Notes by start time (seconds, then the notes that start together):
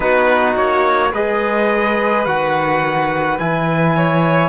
0.00 B3 D#4 F#4 B4
0.56 A#3 C#5
1.12 G#3 G#4 B4 D#5
2.25 D#3 F#4 F#5
3.38 E3 E4 G#5
3.96 C#5